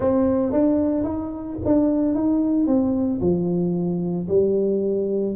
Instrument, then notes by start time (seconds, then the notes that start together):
tuba
0.00 C4
0.52 D4
1.04 D#4
1.65 D4
2.14 D#4
2.66 C4
3.20 F3
4.28 G3